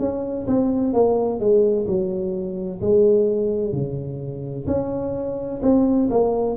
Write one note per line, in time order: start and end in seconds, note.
0.00 0.47 C#4
0.47 0.94 C4
0.94 1.40 A#3
1.40 1.87 G#3
1.87 2.81 F#3
2.81 3.73 G#3
3.73 4.67 C#3
4.67 5.61 C#4
5.62 6.09 C4
6.11 6.57 A#3